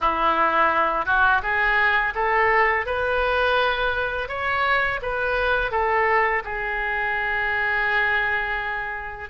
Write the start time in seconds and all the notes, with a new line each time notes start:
0.00 E4
1.05 F#4
1.42 G#4
2.14 A4
2.85 B4
4.28 C#5
5.02 B4
5.71 A4
6.44 G#4